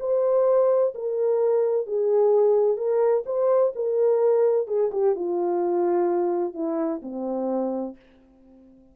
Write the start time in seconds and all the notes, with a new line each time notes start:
0.00 C5
0.95 A#4
1.87 G#4
2.77 A#4
3.26 C5
3.76 A#4
4.67 G#4
4.92 G4
5.16 F4
6.54 E4
7.02 C4